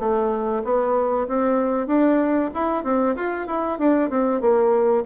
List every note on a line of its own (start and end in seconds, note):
0.00 0.63 A3
0.65 1.28 B3
1.28 1.87 C4
1.87 2.50 D4
2.55 2.84 E4
2.84 3.16 C4
3.16 3.48 F4
3.48 3.79 E4
3.79 4.10 D4
4.10 4.41 C4
4.41 5.04 A#3